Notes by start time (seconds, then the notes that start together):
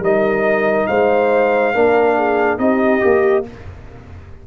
0.00 G3 D#4 A#4 D#5
0.87 G#3 C5 F5
1.74 A#3 D4 A#4
2.16 G#4
2.58 C4 D#4 G4 D#5
3.00 A#3 G4